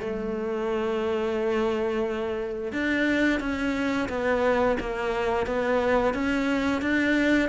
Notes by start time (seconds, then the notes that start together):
0.00 A3
2.72 D4
3.40 C#4
4.09 B3
4.79 A#3
5.46 B3
6.14 C#4
6.81 D4